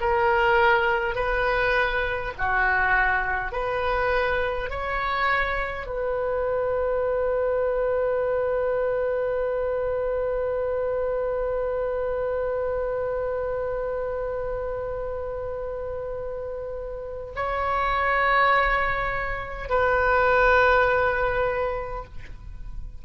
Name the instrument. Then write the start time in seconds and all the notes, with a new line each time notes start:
oboe
0.00 A#4
1.15 B4
2.37 F#4
3.52 B4
4.70 C#5
5.86 B4
17.35 C#5
19.69 B4